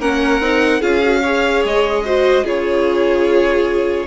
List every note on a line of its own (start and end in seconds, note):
0.00 0.40 A#3
0.00 0.42 C#4
0.00 0.80 A#4
0.00 0.82 F#5
0.40 0.81 C4
0.40 0.82 D#4
0.80 1.64 C#4
0.80 1.02 F4
0.80 1.21 G#4
0.80 1.63 F5
1.03 1.23 F#4
1.22 2.05 G#4
1.22 2.03 C#5
1.65 2.45 G#3
1.65 2.47 D#5
2.05 2.44 F#4
2.05 2.44 C5
2.44 4.07 C#3
2.44 4.07 F4
2.44 4.07 G#4
2.44 4.08 C#5